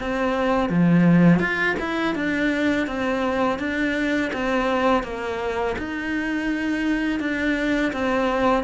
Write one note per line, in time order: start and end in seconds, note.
0.00 0.69 C4
0.69 1.39 F3
1.39 1.75 F4
1.79 2.15 E4
2.15 2.87 D4
2.87 3.58 C4
3.58 4.31 D4
4.32 5.03 C4
5.03 5.75 A#3
5.78 7.20 D#4
7.20 7.92 D4
7.92 8.64 C4